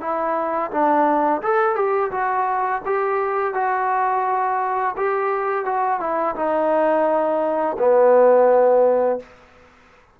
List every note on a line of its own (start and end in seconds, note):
0.00 0.71 E4
0.71 1.41 D4
1.42 1.76 A4
1.76 2.11 G4
2.11 2.81 F#4
2.86 3.54 G4
3.54 4.95 F#4
4.97 5.65 G4
5.65 6.00 F#4
6.00 6.35 E4
6.36 7.77 D#4
7.78 9.20 B3